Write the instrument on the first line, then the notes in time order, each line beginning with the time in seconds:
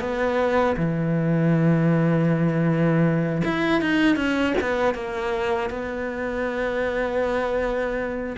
cello
0.00 B3
0.77 E3
3.45 E4
3.81 D#4
4.16 C#4
4.61 B3
4.94 A#3
5.70 B3